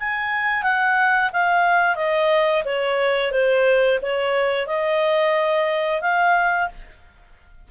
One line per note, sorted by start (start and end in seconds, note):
0.00 0.63 G#5
0.63 1.31 F#5
1.33 1.96 F5
1.96 2.64 D#5
2.65 3.32 C#5
3.32 4.00 C5
4.02 4.67 C#5
4.67 6.02 D#5
6.02 6.69 F5